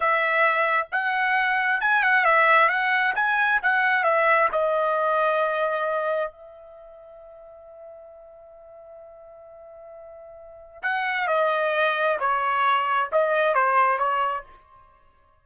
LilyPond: \new Staff \with { instrumentName = "trumpet" } { \time 4/4 \tempo 4 = 133 e''2 fis''2 | gis''8 fis''8 e''4 fis''4 gis''4 | fis''4 e''4 dis''2~ | dis''2 e''2~ |
e''1~ | e''1 | fis''4 dis''2 cis''4~ | cis''4 dis''4 c''4 cis''4 | }